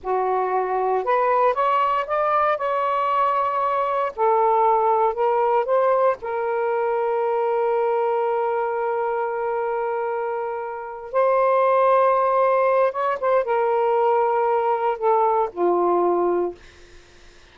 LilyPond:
\new Staff \with { instrumentName = "saxophone" } { \time 4/4 \tempo 4 = 116 fis'2 b'4 cis''4 | d''4 cis''2. | a'2 ais'4 c''4 | ais'1~ |
ais'1~ | ais'4. c''2~ c''8~ | c''4 cis''8 c''8 ais'2~ | ais'4 a'4 f'2 | }